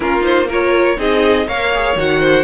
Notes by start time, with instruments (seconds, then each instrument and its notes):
0.00 cello A#3, viola C#4, violin F4 A#4
0.20 viola D#4, violin C5
0.48 viola F4, violin A#4 C#5
0.96 cello C4, viola D#4, violin G#4 D#5
1.46 cello A#3, viola A#4, violin C#5 F5
1.74 viola G#4
1.95 cello D#3, viola F#4, violin F#5
2.20 violin C5